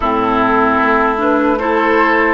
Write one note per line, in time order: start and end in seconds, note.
0.00 0.79 A2
0.00 1.17 C4
0.00 1.58 E4
0.00 1.17 A4
0.82 2.34 A3
1.17 1.57 D4
1.17 1.58 B4
1.58 2.34 E4
1.58 2.34 A4
1.58 2.34 C5